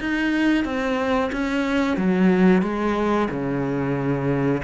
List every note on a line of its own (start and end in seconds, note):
0.00 0.65 D#4
0.65 1.31 C4
1.32 1.97 C#4
1.97 2.63 F#3
2.63 3.28 G#3
3.31 4.62 C#3